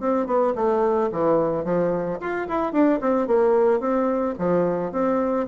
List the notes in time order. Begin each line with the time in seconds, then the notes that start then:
0.00 C4
0.27 B3
0.56 A3
1.12 E3
1.65 F3
2.21 F4
2.48 E4
2.73 D4
3.01 C4
3.28 A#3
3.80 C4
4.39 F3
4.92 C4